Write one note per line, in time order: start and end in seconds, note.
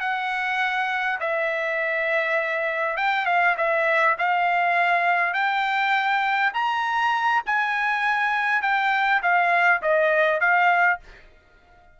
0.00 1.19 F#5
1.20 2.97 E5
2.97 3.26 G5
3.26 3.55 F5
3.57 4.16 E5
4.18 5.33 F5
5.33 6.52 G5
6.53 7.43 A#5
7.46 8.62 G#5
8.62 9.21 G5
9.22 9.82 F5
9.82 10.40 D#5
10.40 11.00 F5